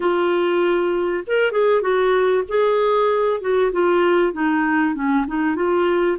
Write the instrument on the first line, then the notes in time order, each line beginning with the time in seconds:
clarinet
0.00 F4
1.27 A#4
1.51 G#4
1.81 F#4
2.48 G#4
3.40 F#4
3.72 F4
4.32 D#4
4.94 C#4
5.27 D#4
5.55 F4